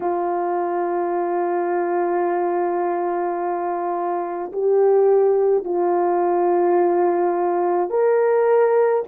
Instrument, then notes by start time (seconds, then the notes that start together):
horn
0.00 F4
4.52 G4
5.64 F4
7.89 A#4